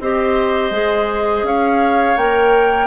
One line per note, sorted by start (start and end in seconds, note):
0.00 0.70 C4
0.00 0.72 G4
0.00 1.46 C5
0.00 1.46 D#5
0.70 1.43 G#3
0.70 2.17 G#4
1.43 2.15 C#4
1.43 2.87 C#5
1.43 2.17 F5
2.16 2.87 A#3
2.16 2.87 A#4
2.16 2.87 G5